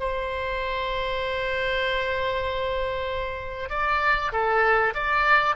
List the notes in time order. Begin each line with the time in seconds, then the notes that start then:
0.00 C5
3.70 D5
4.33 A4
4.95 D5